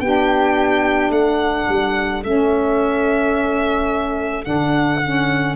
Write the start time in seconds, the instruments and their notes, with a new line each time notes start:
0.00 tuba B3, saxophone D4, flute G4, violin G5
1.09 tuba A3, flute A4, violin F#5
1.69 tuba G3
2.23 tuba A3, saxophone C#4, violin E5
4.44 tuba D3, saxophone D4, violin F#5
5.03 saxophone C#4